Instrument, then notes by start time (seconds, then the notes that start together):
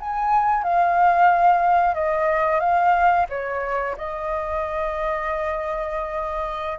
flute
0.00 G#5
0.63 F5
1.95 D#5
2.60 F5
3.29 C#5
3.97 D#5